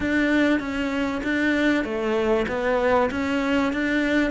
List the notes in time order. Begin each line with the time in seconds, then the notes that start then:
0.00 D4
0.59 C#4
1.23 D4
1.84 A3
2.47 B3
3.10 C#4
3.73 D4